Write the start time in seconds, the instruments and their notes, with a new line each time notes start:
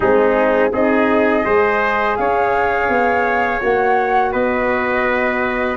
0.00 tuba G#3, horn C4, trumpet D#4, flute G#4
0.72 tuba C4, horn D#4, trumpet G#4, flute D#5
1.44 tuba G#3, horn G#4, trumpet C5
2.16 tuba C#4, trumpet C#5, flute F5
2.88 tuba B3
3.61 tuba A#3, horn F#4, flute F#5
4.32 tuba B3, trumpet B4, flute D#5